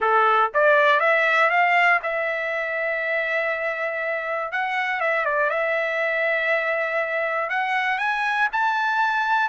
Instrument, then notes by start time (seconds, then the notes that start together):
trumpet
0.00 A4
0.54 D5
1.00 E5
1.50 F5
2.02 E5
4.52 F#5
5.00 E5
5.25 D5
5.50 E5
7.49 F#5
7.98 G#5
8.52 A5